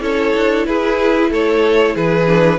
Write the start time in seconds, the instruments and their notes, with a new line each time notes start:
0.00 cello C#4, viola E4, violin A4 C#5
0.36 cello D4
0.66 cello E4, violin G#4 B4
1.31 cello A3, violin A4 C#5
1.95 cello E3, violin G#4 B4
2.27 viola D4